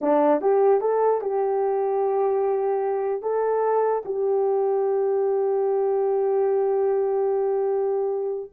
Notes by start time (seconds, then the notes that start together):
0.01 D4
0.41 G4
0.80 A4
1.21 G4
3.22 A4
4.05 G4